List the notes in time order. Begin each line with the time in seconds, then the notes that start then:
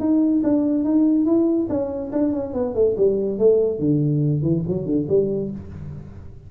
0.00 D#4
0.43 D4
0.84 D#4
1.25 E4
1.69 C#4
2.12 D4
2.33 C#4
2.54 B3
2.75 A3
2.97 G3
3.39 A3
3.79 D3
4.42 E3
4.68 F#3
4.86 D3
5.09 G3